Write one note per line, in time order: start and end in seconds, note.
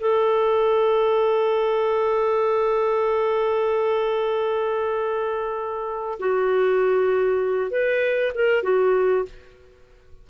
0.00 6.19 A4
6.19 7.70 F#4
7.70 8.32 B4
8.34 8.63 A#4
8.63 9.24 F#4